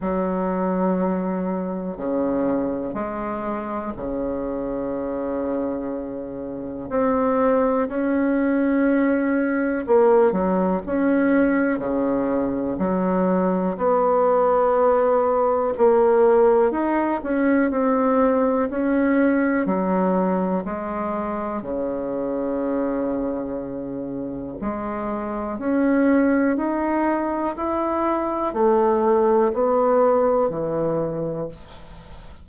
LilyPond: \new Staff \with { instrumentName = "bassoon" } { \time 4/4 \tempo 4 = 61 fis2 cis4 gis4 | cis2. c'4 | cis'2 ais8 fis8 cis'4 | cis4 fis4 b2 |
ais4 dis'8 cis'8 c'4 cis'4 | fis4 gis4 cis2~ | cis4 gis4 cis'4 dis'4 | e'4 a4 b4 e4 | }